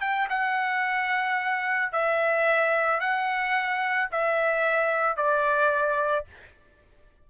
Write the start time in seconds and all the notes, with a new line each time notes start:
0.00 G5
0.29 F#5
1.92 E5
3.00 F#5
4.11 E5
5.16 D5